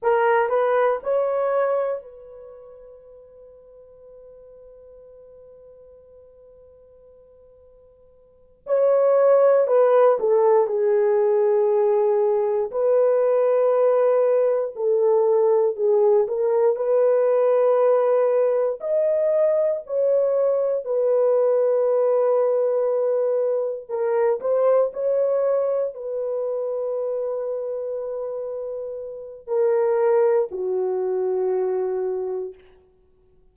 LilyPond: \new Staff \with { instrumentName = "horn" } { \time 4/4 \tempo 4 = 59 ais'8 b'8 cis''4 b'2~ | b'1~ | b'8 cis''4 b'8 a'8 gis'4.~ | gis'8 b'2 a'4 gis'8 |
ais'8 b'2 dis''4 cis''8~ | cis''8 b'2. ais'8 | c''8 cis''4 b'2~ b'8~ | b'4 ais'4 fis'2 | }